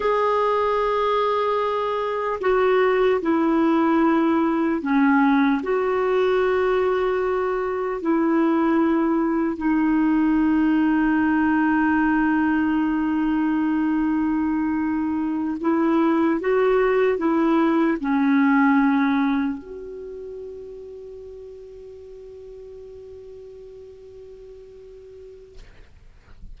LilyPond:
\new Staff \with { instrumentName = "clarinet" } { \time 4/4 \tempo 4 = 75 gis'2. fis'4 | e'2 cis'4 fis'4~ | fis'2 e'2 | dis'1~ |
dis'2.~ dis'8 e'8~ | e'8 fis'4 e'4 cis'4.~ | cis'8 fis'2.~ fis'8~ | fis'1 | }